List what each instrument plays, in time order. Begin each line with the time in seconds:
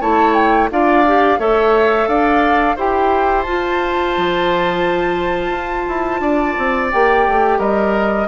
0.00 bassoon A3, clarinet E4, oboe C#5, flute A5
0.34 flute G5
0.70 bassoon D4, clarinet F4, oboe D5, flute F5
1.07 clarinet G4
1.39 bassoon A3, clarinet A4, oboe C#5, flute E5
2.07 bassoon D4, oboe D5, flute F5
2.76 bassoon E4, clarinet G4, oboe C5, flute G5
3.42 bassoon F4, clarinet F4, flute A5
4.17 bassoon F3
5.50 bassoon F4
5.88 bassoon E4
6.20 bassoon D4, oboe D5
6.58 bassoon C4
6.91 bassoon A#3, clarinet G4, flute G5
7.28 bassoon A3
7.58 bassoon G3, oboe A#4, flute D#5